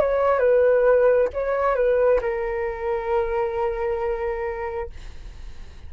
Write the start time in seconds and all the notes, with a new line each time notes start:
0.00 C#5
0.39 B4
1.34 C#5
1.75 B4
2.21 A#4